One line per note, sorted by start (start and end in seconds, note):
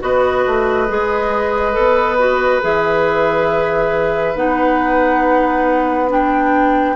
0.00 0.45 B3
0.00 0.87 F#4
0.00 6.96 B4
0.00 2.62 D#5
0.46 0.89 A3
0.88 1.76 G#3
0.88 1.72 G#4
1.72 2.63 B3
1.72 2.16 A4
2.19 2.62 F#4
2.62 4.35 E3
2.62 4.36 G#4
2.62 4.36 E5
4.35 6.96 B3
4.35 6.08 D#4
4.35 6.10 F#5
6.08 6.95 D4
6.08 6.96 G5